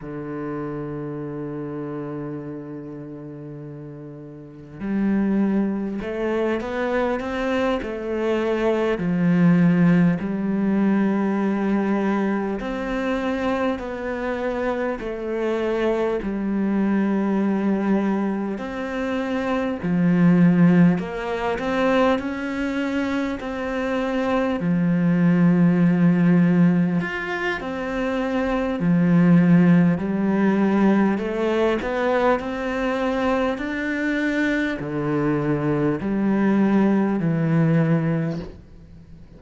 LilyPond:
\new Staff \with { instrumentName = "cello" } { \time 4/4 \tempo 4 = 50 d1 | g4 a8 b8 c'8 a4 f8~ | f8 g2 c'4 b8~ | b8 a4 g2 c'8~ |
c'8 f4 ais8 c'8 cis'4 c'8~ | c'8 f2 f'8 c'4 | f4 g4 a8 b8 c'4 | d'4 d4 g4 e4 | }